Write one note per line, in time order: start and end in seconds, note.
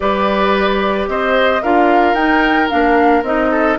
0.00 1.07 G3
0.00 1.62 G4
0.00 1.09 B4
0.00 1.07 D5
1.07 1.61 C4
1.07 1.62 C5
1.07 1.62 D#5
1.62 2.13 D4
1.62 2.16 F4
1.62 3.51 A#4
1.62 2.14 F5
2.13 2.67 D#4
2.13 2.69 D#4
2.13 2.68 G5
2.69 3.22 A#3
2.69 3.23 D4
2.69 3.23 F5
3.22 3.76 C4
3.22 3.78 D#4
3.22 3.78 D#5
3.51 3.78 A4